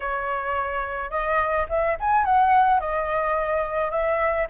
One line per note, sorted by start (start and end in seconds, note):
0.00 1.10 C#5
1.10 1.66 D#5
1.69 1.97 E5
2.00 2.24 G#5
2.24 2.80 F#5
2.80 3.90 D#5
3.90 4.47 E5